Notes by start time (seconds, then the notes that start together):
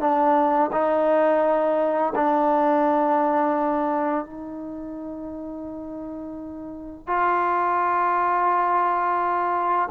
0.00 D4
0.72 D#4
2.15 D4
4.25 D#4
7.07 F4